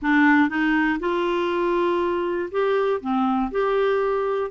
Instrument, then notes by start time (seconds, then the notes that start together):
clarinet
0.01 D4
0.49 D#4
0.99 F4
2.51 G4
3.00 C4
3.51 G4